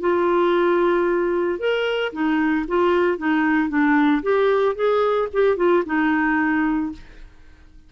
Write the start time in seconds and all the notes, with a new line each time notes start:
0.00 F4
1.59 A#4
2.12 D#4
2.68 F4
3.17 D#4
3.69 D4
4.22 G4
4.75 G#4
5.33 G4
5.56 F4
5.86 D#4